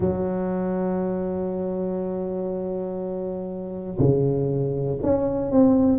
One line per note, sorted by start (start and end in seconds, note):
0.00 3.97 F#3
3.98 4.98 C#3
5.02 5.51 C#4
5.51 5.98 C4